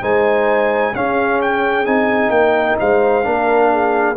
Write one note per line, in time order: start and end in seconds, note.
0.00 0.94 G#3
0.00 0.93 D#4
0.00 0.92 C5
0.00 0.95 G#5
0.95 1.86 C#4
0.95 1.85 C#4
0.95 2.34 G#4
0.95 1.41 F5
1.41 1.86 G5
1.85 2.29 C4
1.85 3.23 D#4
1.85 2.30 G#5
2.29 2.75 A#3
2.29 2.76 G5
2.35 2.79 A#4
2.79 3.25 G#3
2.79 3.25 C5
2.79 4.17 F5
3.23 4.17 A#3
3.23 4.15 D4
3.23 3.72 A#4
3.72 4.17 G#4